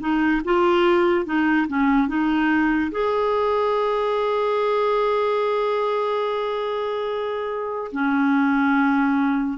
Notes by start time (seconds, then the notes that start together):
0.00 D#4
0.45 F4
1.25 D#4
1.67 C#4
2.08 D#4
2.91 G#4
7.92 C#4